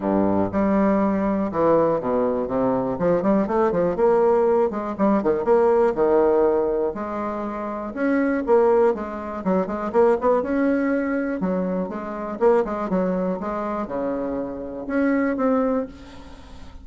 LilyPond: \new Staff \with { instrumentName = "bassoon" } { \time 4/4 \tempo 4 = 121 g,4 g2 e4 | b,4 c4 f8 g8 a8 f8 | ais4. gis8 g8 dis8 ais4 | dis2 gis2 |
cis'4 ais4 gis4 fis8 gis8 | ais8 b8 cis'2 fis4 | gis4 ais8 gis8 fis4 gis4 | cis2 cis'4 c'4 | }